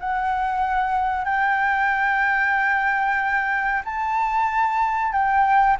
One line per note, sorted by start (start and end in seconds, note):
0.00 1.25 F#5
1.25 3.83 G5
3.85 5.12 A5
5.12 5.77 G5